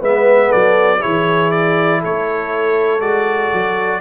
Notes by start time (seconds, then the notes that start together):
0.00 G#3 B3 B4 E5
0.48 A4 D5
0.54 F#3
0.99 E3 E4 G#4 C#5
1.51 D5
2.00 A3 A4 C#5
3.00 G#3 F#4 D5
3.53 F#3